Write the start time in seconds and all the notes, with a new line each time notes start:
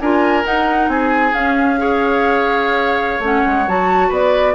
0.00 D4 F4 A#4 G#5
0.44 D#4 F#5
0.88 C4 G#4 G#5
1.34 C#4 F5
1.78 G#4 C#5
3.19 A3 C#4 F#5
3.46 G#3
3.68 F#3 F#4 A5
4.09 B3 B4 D5